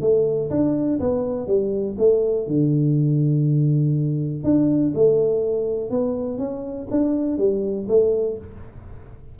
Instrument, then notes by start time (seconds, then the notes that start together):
tuba
0.00 A3
0.50 D4
0.99 B3
1.47 G3
1.98 A3
2.47 D3
4.43 D4
4.94 A3
5.89 B3
6.38 C#4
6.90 D4
7.37 G3
7.88 A3